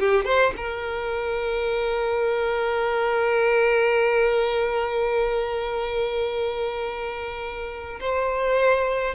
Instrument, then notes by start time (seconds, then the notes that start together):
violin
0.00 G4
0.25 C5
0.57 A#4
8.01 C5